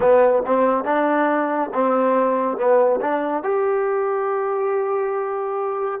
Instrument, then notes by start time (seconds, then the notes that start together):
trombone
0.00 B3
0.46 C4
0.84 D4
1.73 C4
2.57 B3
3.00 D4
3.43 G4